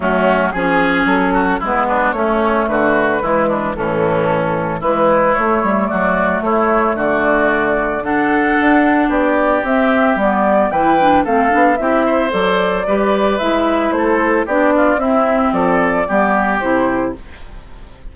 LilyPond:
<<
  \new Staff \with { instrumentName = "flute" } { \time 4/4 \tempo 4 = 112 fis'4 gis'4 a'4 b'4 | cis''4 b'2 a'4~ | a'4 b'4 cis''4 d''4 | cis''4 d''2 fis''4~ |
fis''4 d''4 e''4 d''4 | g''4 f''4 e''4 d''4~ | d''4 e''4 c''4 d''4 | e''4 d''2 c''4 | }
  \new Staff \with { instrumentName = "oboe" } { \time 4/4 cis'4 gis'4. fis'8 e'8 d'8 | cis'4 fis'4 e'8 d'8 cis'4~ | cis'4 e'2 fis'4 | e'4 fis'2 a'4~ |
a'4 g'2. | b'4 a'4 g'8 c''4. | b'2 a'4 g'8 f'8 | e'4 a'4 g'2 | }
  \new Staff \with { instrumentName = "clarinet" } { \time 4/4 a4 cis'2 b4 | a2 gis4 e4~ | e4 gis4 a2~ | a2. d'4~ |
d'2 c'4 b4 | e'8 d'8 c'8 d'8 e'4 a'4 | g'4 e'2 d'4 | c'2 b4 e'4 | }
  \new Staff \with { instrumentName = "bassoon" } { \time 4/4 fis4 f4 fis4 gis4 | a4 d4 e4 a,4~ | a,4 e4 a8 g8 fis4 | a4 d2. |
d'4 b4 c'4 g4 | e4 a8 b8 c'4 fis4 | g4 gis4 a4 b4 | c'4 f4 g4 c4 | }
>>